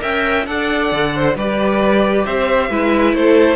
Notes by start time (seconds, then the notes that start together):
0.00 C#4 A#4 E5 G5
0.46 D4 A4 D5 F#5
0.92 D3
1.15 C5
1.35 G3 G4 B4 D5
2.25 C4 C5 E5
2.70 G#3 E4 B4
3.14 A3 A4 C5